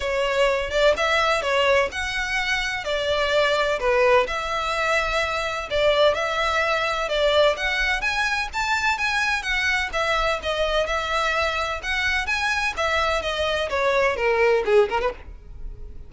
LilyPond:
\new Staff \with { instrumentName = "violin" } { \time 4/4 \tempo 4 = 127 cis''4. d''8 e''4 cis''4 | fis''2 d''2 | b'4 e''2. | d''4 e''2 d''4 |
fis''4 gis''4 a''4 gis''4 | fis''4 e''4 dis''4 e''4~ | e''4 fis''4 gis''4 e''4 | dis''4 cis''4 ais'4 gis'8 ais'16 b'16 | }